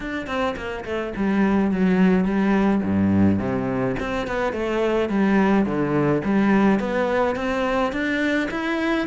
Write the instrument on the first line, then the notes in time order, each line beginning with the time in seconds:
cello
0.00 D4
0.27 C4
0.56 A#3
0.85 A3
1.16 G3
1.71 F#3
2.24 G3
2.83 G2
3.39 C3
3.99 C4
4.27 B3
4.53 A3
5.09 G3
5.65 D3
6.24 G3
6.79 B3
7.35 C4
7.92 D4
8.50 E4